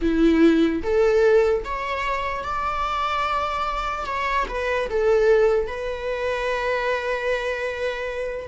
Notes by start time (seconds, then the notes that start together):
0.01 E4
0.83 A4
1.64 C#5
2.44 D5
4.05 C#5
4.48 B4
4.89 A4
5.67 B4